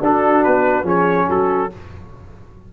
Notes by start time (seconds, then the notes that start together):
0.00 D4 F#4 A4
0.43 B3 B4
0.83 F3 C#4 G#4 C#5
1.29 F#3 F#4 A4